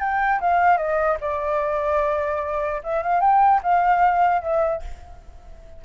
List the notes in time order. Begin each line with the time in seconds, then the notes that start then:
0.00 G5
0.41 F5
0.78 D#5
1.21 D5
2.84 E5
3.03 F5
3.21 G5
3.63 F5
4.42 E5